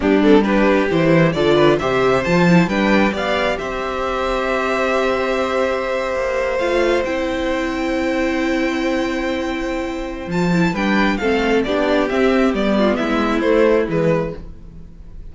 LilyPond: <<
  \new Staff \with { instrumentName = "violin" } { \time 4/4 \tempo 4 = 134 g'8 a'8 b'4 c''4 d''4 | e''4 a''4 g''4 f''4 | e''1~ | e''2~ e''8. f''4 g''16~ |
g''1~ | g''2. a''4 | g''4 f''4 d''4 e''4 | d''4 e''4 c''4 b'4 | }
  \new Staff \with { instrumentName = "violin" } { \time 4/4 d'4 g'2 a'8 b'8 | c''2 b'4 d''4 | c''1~ | c''1~ |
c''1~ | c''1 | b'4 a'4 g'2~ | g'8 f'8 e'2. | }
  \new Staff \with { instrumentName = "viola" } { \time 4/4 b8 c'8 d'4 e'4 f'4 | g'4 f'8 e'8 d'4 g'4~ | g'1~ | g'2~ g'8. f'4 e'16~ |
e'1~ | e'2. f'8 e'8 | d'4 c'4 d'4 c'4 | b2 a4 gis4 | }
  \new Staff \with { instrumentName = "cello" } { \time 4/4 g2 e4 d4 | c4 f4 g4 b4 | c'1~ | c'4.~ c'16 ais4 a4 c'16~ |
c'1~ | c'2. f4 | g4 a4 b4 c'4 | g4 gis4 a4 e4 | }
>>